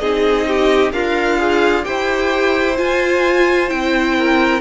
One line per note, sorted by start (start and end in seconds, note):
0.00 0.93 C4
0.00 0.93 D#4
0.00 0.47 G#4
0.00 0.92 D#5
0.48 0.94 G4
0.93 1.85 D4
0.93 1.87 F4
0.93 1.39 A#4
0.93 1.85 F5
1.39 1.83 G#4
1.83 2.79 E4
1.83 2.76 G4
1.83 4.17 C5
1.83 2.77 G5
2.77 3.69 F4
2.77 3.72 F4
2.77 3.70 G#5
3.69 4.61 C4
3.69 4.61 E4
3.69 4.61 G5
4.18 4.61 A#4